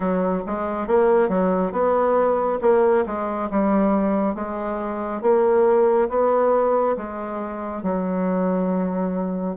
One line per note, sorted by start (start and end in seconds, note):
0.00 0.43 F#3
0.46 0.87 G#3
0.87 1.28 A#3
1.28 1.72 F#3
1.72 2.59 B3
2.61 3.04 A#3
3.06 3.49 G#3
3.50 4.34 G3
4.34 5.21 G#3
5.21 6.08 A#3
6.09 6.96 B3
6.96 7.83 G#3
7.83 9.56 F#3